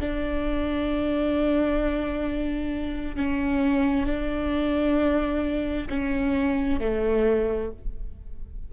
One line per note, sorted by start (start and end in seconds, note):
0.00 3.16 D4
3.16 4.06 C#4
4.06 5.88 D4
5.89 6.80 C#4
6.80 7.71 A3